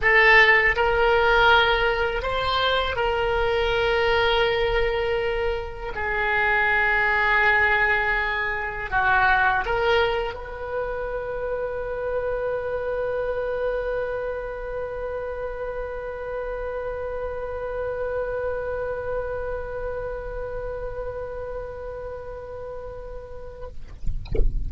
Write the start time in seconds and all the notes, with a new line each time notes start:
0.01 A4
0.76 A#4
2.22 C5
2.96 A#4
5.95 G#4
8.90 F#4
9.65 A#4
10.34 B4